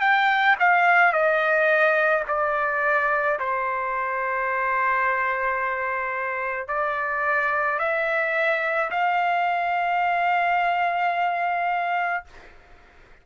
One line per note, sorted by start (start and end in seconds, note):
0.00 0.56 G5
0.59 1.12 F5
1.12 2.23 D#5
2.28 3.39 D5
3.39 6.68 C5
6.68 7.79 D5
7.79 8.90 E5
8.90 12.24 F5